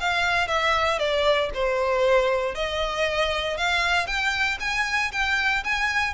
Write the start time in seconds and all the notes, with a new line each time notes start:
0.00 F5
0.47 E5
0.98 D5
1.54 C5
2.55 D#5
3.57 F5
4.07 G5
4.60 G#5
5.12 G5
5.64 G#5